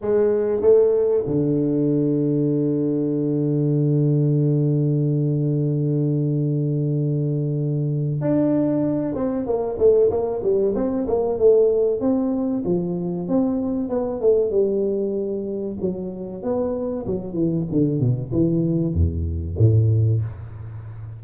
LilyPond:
\new Staff \with { instrumentName = "tuba" } { \time 4/4 \tempo 4 = 95 gis4 a4 d2~ | d1~ | d1~ | d4 d'4. c'8 ais8 a8 |
ais8 g8 c'8 ais8 a4 c'4 | f4 c'4 b8 a8 g4~ | g4 fis4 b4 fis8 e8 | d8 b,8 e4 e,4 a,4 | }